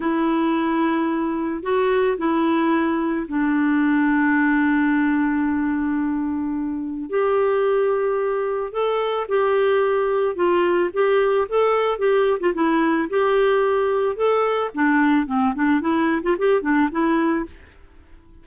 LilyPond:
\new Staff \with { instrumentName = "clarinet" } { \time 4/4 \tempo 4 = 110 e'2. fis'4 | e'2 d'2~ | d'1~ | d'4 g'2. |
a'4 g'2 f'4 | g'4 a'4 g'8. f'16 e'4 | g'2 a'4 d'4 | c'8 d'8 e'8. f'16 g'8 d'8 e'4 | }